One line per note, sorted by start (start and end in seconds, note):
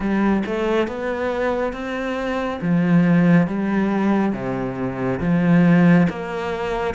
0.00 0.43 G3
0.45 0.87 A3
0.87 1.72 B3
1.72 2.59 C4
2.61 3.47 F3
3.47 4.32 G3
4.32 5.19 C3
5.20 6.07 F3
6.09 6.94 A#3